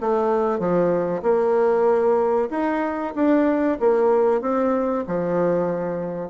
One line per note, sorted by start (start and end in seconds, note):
0.00 0.59 A3
0.59 1.22 F3
1.22 2.48 A#3
2.50 3.13 D#4
3.15 3.78 D4
3.80 4.41 A#3
4.41 5.04 C4
5.07 6.29 F3